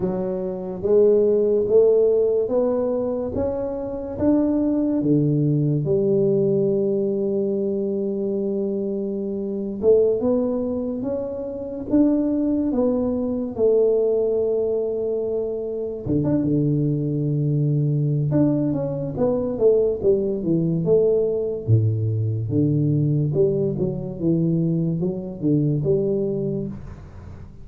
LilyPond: \new Staff \with { instrumentName = "tuba" } { \time 4/4 \tempo 4 = 72 fis4 gis4 a4 b4 | cis'4 d'4 d4 g4~ | g2.~ g8. a16~ | a16 b4 cis'4 d'4 b8.~ |
b16 a2. d16 d'16 d16~ | d2 d'8 cis'8 b8 a8 | g8 e8 a4 a,4 d4 | g8 fis8 e4 fis8 d8 g4 | }